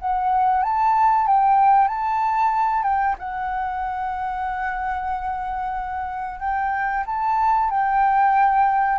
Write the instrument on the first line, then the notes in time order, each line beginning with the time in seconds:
flute
0.00 F#5
0.64 A5
1.27 G5
1.88 A5
2.84 G5
3.19 F#5
6.40 G5
7.06 A5
7.71 G5